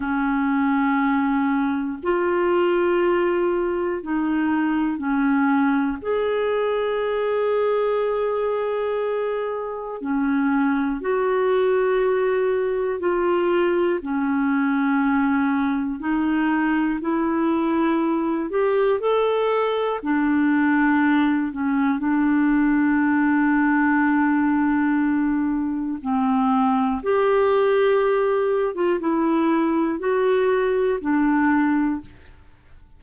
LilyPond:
\new Staff \with { instrumentName = "clarinet" } { \time 4/4 \tempo 4 = 60 cis'2 f'2 | dis'4 cis'4 gis'2~ | gis'2 cis'4 fis'4~ | fis'4 f'4 cis'2 |
dis'4 e'4. g'8 a'4 | d'4. cis'8 d'2~ | d'2 c'4 g'4~ | g'8. f'16 e'4 fis'4 d'4 | }